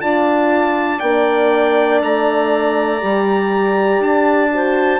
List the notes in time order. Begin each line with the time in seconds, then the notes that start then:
0.00 D4 F4 D5 A5
0.99 A#3 D4 G5
2.01 A3 A#5
3.00 G3 G4
3.99 D4 A5
4.50 F#4 C5